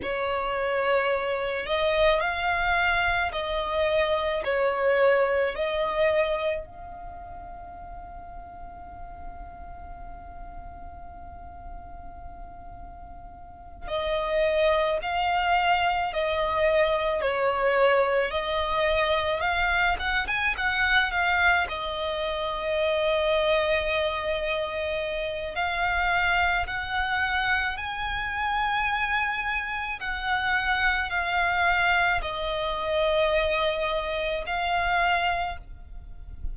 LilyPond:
\new Staff \with { instrumentName = "violin" } { \time 4/4 \tempo 4 = 54 cis''4. dis''8 f''4 dis''4 | cis''4 dis''4 f''2~ | f''1~ | f''8 dis''4 f''4 dis''4 cis''8~ |
cis''8 dis''4 f''8 fis''16 gis''16 fis''8 f''8 dis''8~ | dis''2. f''4 | fis''4 gis''2 fis''4 | f''4 dis''2 f''4 | }